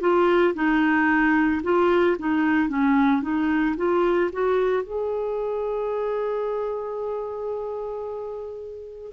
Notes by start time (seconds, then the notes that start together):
0.00 F4
0.55 D#4
1.63 F4
2.19 D#4
2.69 C#4
3.22 D#4
3.76 F4
4.32 F#4
4.83 G#4